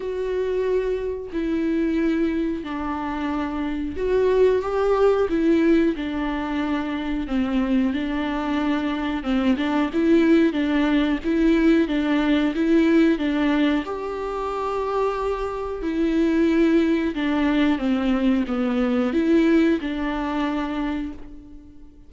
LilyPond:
\new Staff \with { instrumentName = "viola" } { \time 4/4 \tempo 4 = 91 fis'2 e'2 | d'2 fis'4 g'4 | e'4 d'2 c'4 | d'2 c'8 d'8 e'4 |
d'4 e'4 d'4 e'4 | d'4 g'2. | e'2 d'4 c'4 | b4 e'4 d'2 | }